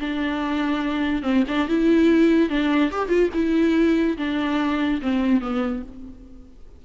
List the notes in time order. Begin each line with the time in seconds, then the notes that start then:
0.00 D4
1.23 C4
1.48 D4
1.69 E4
2.50 D4
2.92 G4
3.09 F4
3.34 E4
4.18 D4
5.02 C4
5.41 B3